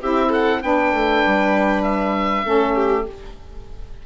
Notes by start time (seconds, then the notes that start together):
0.00 C4 E4 G4 E5
0.29 A4 F#5
0.61 B3 D4 B4 G5
0.92 A3
1.26 G3
1.82 E5
2.44 A3 C#4 A4
2.75 G4